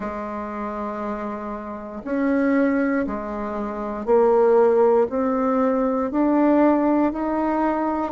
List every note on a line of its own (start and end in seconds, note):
0.00 2.02 G#3
2.04 3.06 C#4
3.06 4.05 G#3
4.05 5.07 A#3
5.09 6.11 C4
6.11 7.12 D4
7.12 8.12 D#4